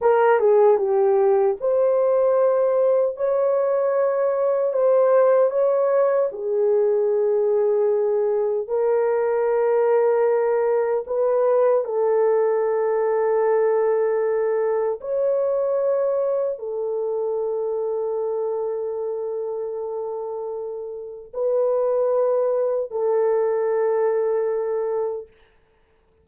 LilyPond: \new Staff \with { instrumentName = "horn" } { \time 4/4 \tempo 4 = 76 ais'8 gis'8 g'4 c''2 | cis''2 c''4 cis''4 | gis'2. ais'4~ | ais'2 b'4 a'4~ |
a'2. cis''4~ | cis''4 a'2.~ | a'2. b'4~ | b'4 a'2. | }